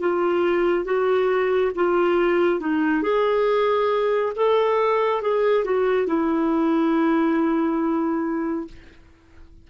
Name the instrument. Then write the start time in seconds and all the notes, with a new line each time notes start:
clarinet
0.00 F4
0.85 F#4
1.75 F4
2.60 D#4
3.02 G#4
4.36 A4
5.21 G#4
5.64 F#4
6.06 E4